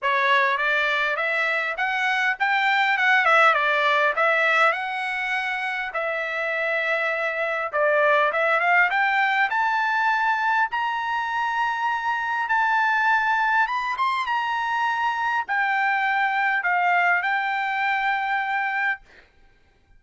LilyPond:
\new Staff \with { instrumentName = "trumpet" } { \time 4/4 \tempo 4 = 101 cis''4 d''4 e''4 fis''4 | g''4 fis''8 e''8 d''4 e''4 | fis''2 e''2~ | e''4 d''4 e''8 f''8 g''4 |
a''2 ais''2~ | ais''4 a''2 b''8 c'''8 | ais''2 g''2 | f''4 g''2. | }